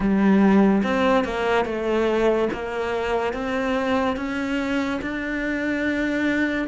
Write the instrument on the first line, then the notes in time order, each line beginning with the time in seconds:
cello
0.00 G3
0.83 C4
1.24 A#3
1.65 A3
2.52 A#3
3.33 C4
4.16 C#4
5.01 D4